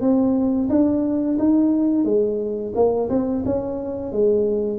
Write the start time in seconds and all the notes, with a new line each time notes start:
0.00 C4
0.69 D4
1.38 D#4
2.04 G#3
2.75 A#3
3.09 C4
3.45 C#4
4.12 G#3